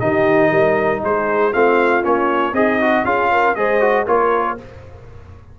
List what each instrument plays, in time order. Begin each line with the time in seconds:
0.00 tuba D#3, trombone D#4, horn G4, trumpet D#5
0.51 tuba G3, horn A#4
1.02 tuba G#3, horn G#4, trumpet C5
1.52 tuba A3, trombone C4, horn F4, trumpet F5
2.03 tuba A#3, trombone C#4, trumpet C#5
2.53 tuba C4, horn D#4, trombone G#4, trumpet D#5
2.82 trombone F#4
3.04 tuba C#4, trombone F4, horn G#4, trumpet F5
3.32 horn A#4
3.55 tuba G#3, trombone G#4, horn C5, trumpet D#5
3.81 trombone F#4
4.06 tuba A#3, trombone F4, horn A#4, trumpet C#5